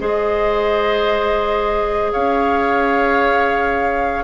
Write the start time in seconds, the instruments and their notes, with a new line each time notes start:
0.00 bassoon G#3, clarinet G#4, oboe C5, flute D#5
2.12 bassoon C#4, oboe C#5, flute F5